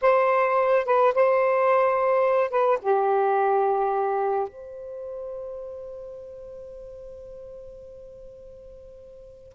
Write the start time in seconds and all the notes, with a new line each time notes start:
0.01 C5
0.85 B4
1.14 C5
2.50 B4
2.81 G4
4.48 C5